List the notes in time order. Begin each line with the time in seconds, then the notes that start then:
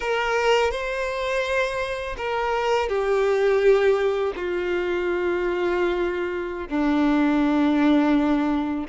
0.00 A#4
0.71 C5
2.17 A#4
2.88 G4
4.35 F4
6.68 D4